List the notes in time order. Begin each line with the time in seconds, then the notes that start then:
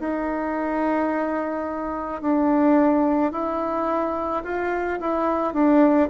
0.00 D#4
2.22 D4
3.33 E4
4.44 F4
5.01 E4
5.54 D4